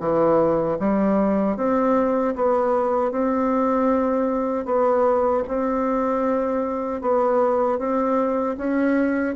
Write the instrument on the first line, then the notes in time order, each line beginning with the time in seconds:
bassoon
0.00 E3
0.79 G3
1.57 C4
2.36 B3
3.12 C4
4.66 B3
5.48 C4
7.02 B3
7.79 C4
8.57 C#4